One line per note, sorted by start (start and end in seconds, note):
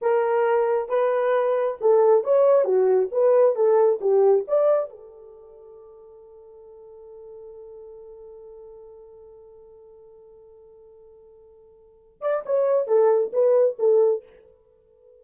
0.01 0.88 A#4
0.88 1.77 B4
1.80 2.24 A4
2.24 2.64 C#5
2.64 3.08 F#4
3.11 3.55 B4
3.55 4.00 A4
4.00 4.45 G4
4.47 4.89 D5
4.89 12.21 A4
12.21 12.43 D5
12.45 12.87 C#5
12.87 13.31 A4
13.33 13.77 B4
13.78 14.23 A4